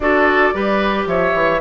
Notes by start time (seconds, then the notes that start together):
0.00 D4 F#4 A4 D5
0.53 G3 G4 B4
1.06 F3 C#5 E5
1.33 E3